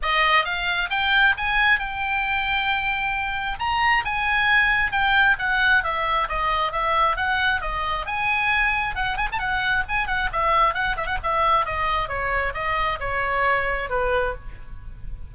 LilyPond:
\new Staff \with { instrumentName = "oboe" } { \time 4/4 \tempo 4 = 134 dis''4 f''4 g''4 gis''4 | g''1 | ais''4 gis''2 g''4 | fis''4 e''4 dis''4 e''4 |
fis''4 dis''4 gis''2 | fis''8 gis''16 a''16 fis''4 gis''8 fis''8 e''4 | fis''8 e''16 fis''16 e''4 dis''4 cis''4 | dis''4 cis''2 b'4 | }